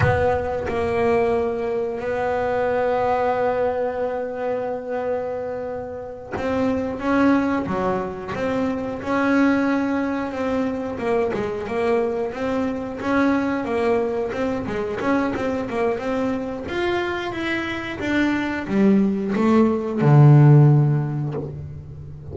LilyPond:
\new Staff \with { instrumentName = "double bass" } { \time 4/4 \tempo 4 = 90 b4 ais2 b4~ | b1~ | b4. c'4 cis'4 fis8~ | fis8 c'4 cis'2 c'8~ |
c'8 ais8 gis8 ais4 c'4 cis'8~ | cis'8 ais4 c'8 gis8 cis'8 c'8 ais8 | c'4 f'4 e'4 d'4 | g4 a4 d2 | }